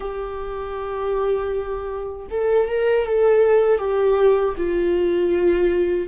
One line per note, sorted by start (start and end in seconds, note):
0.00 2.26 G4
2.30 2.68 A4
2.68 3.06 A#4
3.06 3.78 A4
3.78 4.54 G4
4.57 6.07 F4